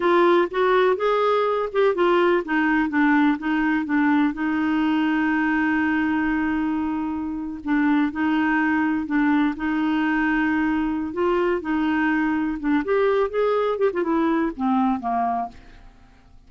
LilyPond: \new Staff \with { instrumentName = "clarinet" } { \time 4/4 \tempo 4 = 124 f'4 fis'4 gis'4. g'8 | f'4 dis'4 d'4 dis'4 | d'4 dis'2.~ | dis'2.~ dis'8. d'16~ |
d'8. dis'2 d'4 dis'16~ | dis'2. f'4 | dis'2 d'8 g'4 gis'8~ | gis'8 g'16 f'16 e'4 c'4 ais4 | }